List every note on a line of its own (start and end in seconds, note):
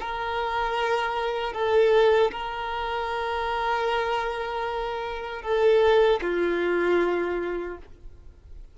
0.00 1.53 A#4
1.53 2.31 A4
2.31 5.42 A#4
5.42 6.20 A4
6.22 7.77 F4